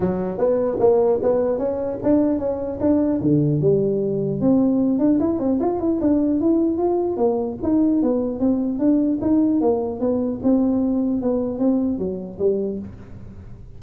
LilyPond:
\new Staff \with { instrumentName = "tuba" } { \time 4/4 \tempo 4 = 150 fis4 b4 ais4 b4 | cis'4 d'4 cis'4 d'4 | d4 g2 c'4~ | c'8 d'8 e'8 c'8 f'8 e'8 d'4 |
e'4 f'4 ais4 dis'4 | b4 c'4 d'4 dis'4 | ais4 b4 c'2 | b4 c'4 fis4 g4 | }